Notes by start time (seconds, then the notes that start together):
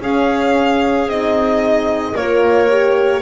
0.00 C#4 G#4 F5
1.06 C4 D#4 D#5
2.13 A#3 F4 A#4 C#5
2.69 G4